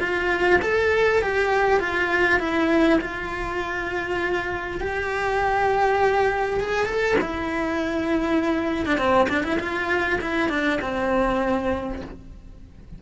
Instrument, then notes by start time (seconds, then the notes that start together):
cello
0.00 F4
0.62 A4
1.22 G4
1.80 F4
2.40 E4
3.01 F4
4.81 G4
6.60 G#4
6.86 A4
7.21 E4
8.86 D4
8.98 C4
9.29 D4
9.44 E4
9.60 F4
10.21 E4
10.50 D4
10.82 C4